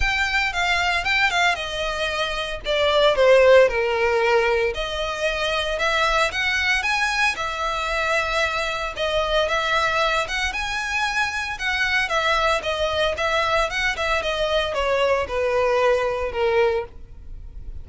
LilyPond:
\new Staff \with { instrumentName = "violin" } { \time 4/4 \tempo 4 = 114 g''4 f''4 g''8 f''8 dis''4~ | dis''4 d''4 c''4 ais'4~ | ais'4 dis''2 e''4 | fis''4 gis''4 e''2~ |
e''4 dis''4 e''4. fis''8 | gis''2 fis''4 e''4 | dis''4 e''4 fis''8 e''8 dis''4 | cis''4 b'2 ais'4 | }